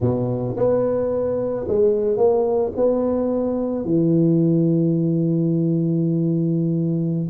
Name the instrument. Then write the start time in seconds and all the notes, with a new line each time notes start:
tuba
0.01 B2
0.56 B3
1.67 G#3
2.17 A#3
2.75 B3
3.84 E3